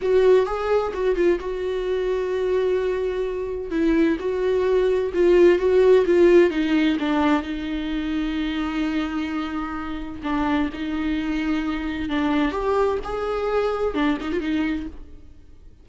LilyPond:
\new Staff \with { instrumentName = "viola" } { \time 4/4 \tempo 4 = 129 fis'4 gis'4 fis'8 f'8 fis'4~ | fis'1 | e'4 fis'2 f'4 | fis'4 f'4 dis'4 d'4 |
dis'1~ | dis'2 d'4 dis'4~ | dis'2 d'4 g'4 | gis'2 d'8 dis'16 f'16 dis'4 | }